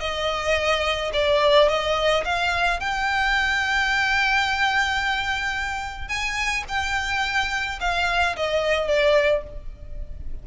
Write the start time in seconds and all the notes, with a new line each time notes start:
0.00 D#5
1.13 D5
1.68 D#5
2.25 F5
2.80 G5
6.08 G#5
6.68 G5
7.80 F5
8.36 D#5
8.88 D5